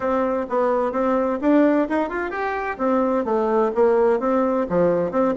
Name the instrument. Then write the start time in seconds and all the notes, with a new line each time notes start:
bassoon
0.00 C4
0.49 B3
0.92 C4
1.41 D4
1.88 D#4
2.09 F4
2.30 G4
2.78 C4
3.24 A3
3.74 A#3
4.19 C4
4.69 F3
5.11 C4